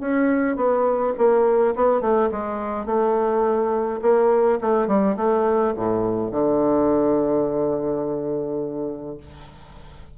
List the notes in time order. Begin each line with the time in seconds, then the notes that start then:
0.00 C#4
0.56 B3
1.17 A#3
1.75 B3
2.01 A3
2.31 G#3
2.86 A3
4.02 A#3
4.61 A3
4.87 G3
5.16 A3
5.76 A2
6.31 D3